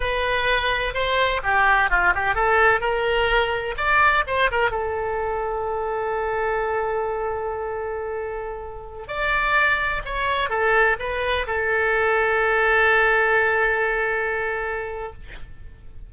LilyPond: \new Staff \with { instrumentName = "oboe" } { \time 4/4 \tempo 4 = 127 b'2 c''4 g'4 | f'8 g'8 a'4 ais'2 | d''4 c''8 ais'8 a'2~ | a'1~ |
a'2.~ a'16 d''8.~ | d''4~ d''16 cis''4 a'4 b'8.~ | b'16 a'2.~ a'8.~ | a'1 | }